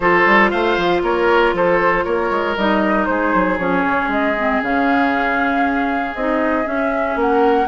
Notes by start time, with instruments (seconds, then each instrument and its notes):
0.00 bassoon F3, clarinet F4, oboe A4, flute C5
0.26 bassoon G3
0.50 bassoon A3, oboe C5, flute F5
0.77 bassoon F3
1.02 bassoon A#3, oboe A#4, flute C#5
1.53 bassoon F3, oboe A4, flute C5
2.04 bassoon A#3, oboe A#4, flute C#5
2.30 bassoon G#3
2.56 bassoon G3, clarinet D#4, flute D#5
3.05 bassoon G#3, oboe G#4, flute C5
3.34 bassoon F#3
3.58 bassoon F3, clarinet C#4, flute C#5
3.84 bassoon C#3
4.07 bassoon G#3, flute D#5
4.37 clarinet C4
4.62 bassoon C#3, clarinet C#4, flute F5
6.14 bassoon C4, clarinet D#4, flute D#5
6.63 clarinet C#4, bassoon C#4, flute E5
7.15 bassoon A#3, oboe A#4, flute F#5